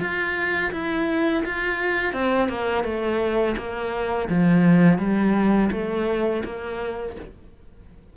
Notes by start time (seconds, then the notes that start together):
0.00 F4
0.72 E4
1.45 F4
2.13 C4
2.49 A#3
2.84 A3
3.57 A#3
4.30 F3
4.99 G3
5.72 A3
6.45 A#3